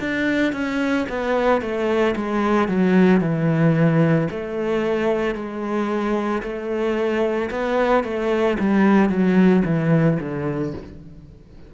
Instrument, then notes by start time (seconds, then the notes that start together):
cello
0.00 D4
0.53 C#4
1.09 B3
1.61 A3
2.16 G#3
2.68 F#3
3.20 E3
4.31 A3
5.35 G#3
6.42 A3
7.50 B3
8.04 A3
8.59 G3
9.09 F#3
9.65 E3
10.20 D3